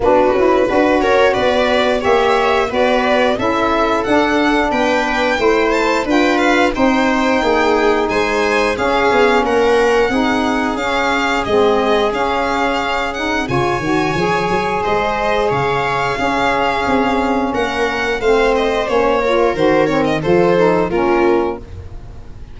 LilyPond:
<<
  \new Staff \with { instrumentName = "violin" } { \time 4/4 \tempo 4 = 89 b'4. cis''8 d''4 e''4 | d''4 e''4 fis''4 g''4~ | g''8 a''8 g''8 f''8 g''2 | gis''4 f''4 fis''2 |
f''4 dis''4 f''4. fis''8 | gis''2 dis''4 f''4~ | f''2 fis''4 f''8 dis''8 | cis''4 c''8 cis''16 dis''16 c''4 ais'4 | }
  \new Staff \with { instrumentName = "viola" } { \time 4/4 fis'4 b'8 ais'8 b'4 cis''4 | b'4 a'2 b'4 | c''4 b'4 c''4 gis'4 | c''4 gis'4 ais'4 gis'4~ |
gis'1 | cis''2 c''4 cis''4 | gis'2 ais'4 c''4~ | c''8 ais'4. a'4 f'4 | }
  \new Staff \with { instrumentName = "saxophone" } { \time 4/4 d'8 e'8 fis'2 g'4 | fis'4 e'4 d'2 | e'4 f'4 dis'2~ | dis'4 cis'2 dis'4 |
cis'4 c'4 cis'4. dis'8 | f'8 fis'8 gis'2. | cis'2. c'4 | cis'8 f'8 fis'8 c'8 f'8 dis'8 cis'4 | }
  \new Staff \with { instrumentName = "tuba" } { \time 4/4 b8 cis'8 d'8 cis'8 b4 ais4 | b4 cis'4 d'4 b4 | a4 d'4 c'4 ais4 | gis4 cis'8 b8 ais4 c'4 |
cis'4 gis4 cis'2 | cis8 dis8 f8 fis8 gis4 cis4 | cis'4 c'4 ais4 a4 | ais4 dis4 f4 ais4 | }
>>